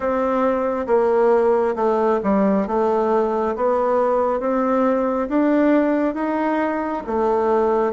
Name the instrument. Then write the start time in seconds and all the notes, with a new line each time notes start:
bassoon
0.00 C4
0.87 A#3
1.75 A3
2.23 G3
2.67 A3
3.56 B3
4.40 C4
5.29 D4
6.14 D#4
7.06 A3